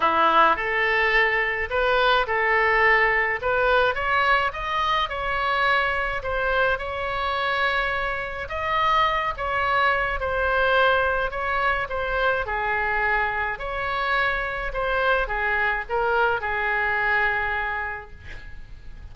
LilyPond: \new Staff \with { instrumentName = "oboe" } { \time 4/4 \tempo 4 = 106 e'4 a'2 b'4 | a'2 b'4 cis''4 | dis''4 cis''2 c''4 | cis''2. dis''4~ |
dis''8 cis''4. c''2 | cis''4 c''4 gis'2 | cis''2 c''4 gis'4 | ais'4 gis'2. | }